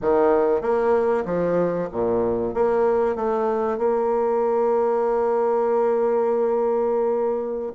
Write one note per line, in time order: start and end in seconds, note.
0.01 0.61 D#3
0.61 1.24 A#3
1.25 1.88 F3
1.91 2.53 A#2
2.53 3.15 A#3
3.15 3.78 A3
3.78 7.72 A#3